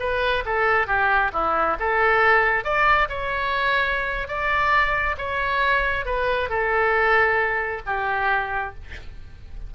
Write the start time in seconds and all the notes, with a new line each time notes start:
0.00 B4
0.46 A4
0.87 G4
1.33 E4
1.79 A4
2.65 D5
3.09 C#5
4.28 D5
5.18 C#5
6.05 B4
6.50 A4
7.86 G4